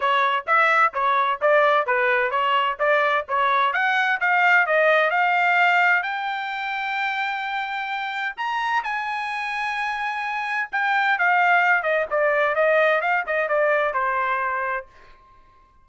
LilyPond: \new Staff \with { instrumentName = "trumpet" } { \time 4/4 \tempo 4 = 129 cis''4 e''4 cis''4 d''4 | b'4 cis''4 d''4 cis''4 | fis''4 f''4 dis''4 f''4~ | f''4 g''2.~ |
g''2 ais''4 gis''4~ | gis''2. g''4 | f''4. dis''8 d''4 dis''4 | f''8 dis''8 d''4 c''2 | }